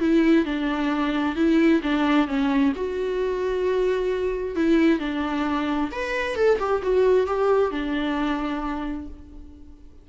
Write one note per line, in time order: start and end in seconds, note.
0.00 0.45 E4
0.45 1.36 D4
1.36 1.81 E4
1.83 2.27 D4
2.27 2.73 C#4
2.75 4.55 F#4
4.55 4.99 E4
4.99 5.90 D4
5.92 6.36 B4
6.36 6.58 A4
6.59 6.82 G4
6.82 7.27 F#4
7.27 7.71 G4
7.71 9.08 D4